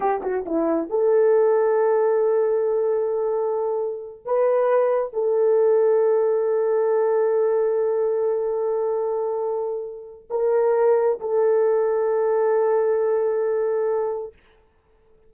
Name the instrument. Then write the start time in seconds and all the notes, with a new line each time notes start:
horn
0.00 G4
0.22 F#4
0.45 E4
0.89 A4
4.25 B4
5.13 A4
10.30 A#4
11.19 A4